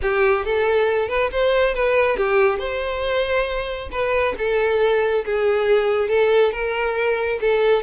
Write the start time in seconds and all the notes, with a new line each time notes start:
0.01 G4
0.45 A4
1.08 B4
1.31 C5
1.74 B4
2.16 G4
2.58 C5
3.91 B4
4.38 A4
5.25 G#4
6.08 A4
6.52 A#4
7.40 A4